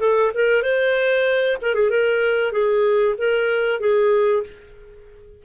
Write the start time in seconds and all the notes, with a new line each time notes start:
0.00 A4
0.34 A#4
0.62 C5
1.61 A#4
1.74 G#4
1.90 A#4
2.52 G#4
3.18 A#4
3.80 G#4